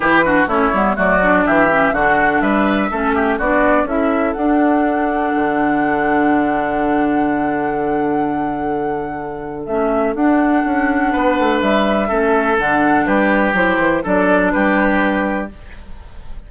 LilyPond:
<<
  \new Staff \with { instrumentName = "flute" } { \time 4/4 \tempo 4 = 124 b'4 cis''4 d''4 e''4 | fis''4 e''2 d''4 | e''4 fis''2.~ | fis''1~ |
fis''1 | e''4 fis''2. | e''2 fis''4 b'4 | c''4 d''4 b'2 | }
  \new Staff \with { instrumentName = "oboe" } { \time 4/4 g'8 fis'8 e'4 fis'4 g'4 | fis'4 b'4 a'8 g'8 fis'4 | a'1~ | a'1~ |
a'1~ | a'2. b'4~ | b'4 a'2 g'4~ | g'4 a'4 g'2 | }
  \new Staff \with { instrumentName = "clarinet" } { \time 4/4 e'8 d'8 cis'8 b8 a8 d'4 cis'8 | d'2 cis'4 d'4 | e'4 d'2.~ | d'1~ |
d'1 | cis'4 d'2.~ | d'4 cis'4 d'2 | e'4 d'2. | }
  \new Staff \with { instrumentName = "bassoon" } { \time 4/4 e4 a8 g8 fis4 e4 | d4 g4 a4 b4 | cis'4 d'2 d4~ | d1~ |
d1 | a4 d'4 cis'4 b8 a8 | g4 a4 d4 g4 | fis8 e8 fis4 g2 | }
>>